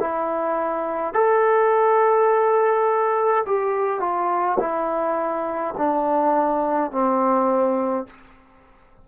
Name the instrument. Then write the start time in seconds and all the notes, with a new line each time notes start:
trombone
0.00 E4
1.14 A4
3.46 G4
4.00 F4
4.59 E4
5.77 D4
6.91 C4